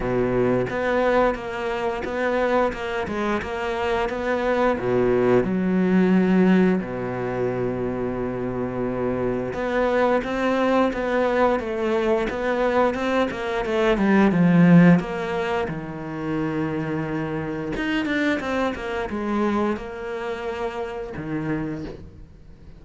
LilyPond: \new Staff \with { instrumentName = "cello" } { \time 4/4 \tempo 4 = 88 b,4 b4 ais4 b4 | ais8 gis8 ais4 b4 b,4 | fis2 b,2~ | b,2 b4 c'4 |
b4 a4 b4 c'8 ais8 | a8 g8 f4 ais4 dis4~ | dis2 dis'8 d'8 c'8 ais8 | gis4 ais2 dis4 | }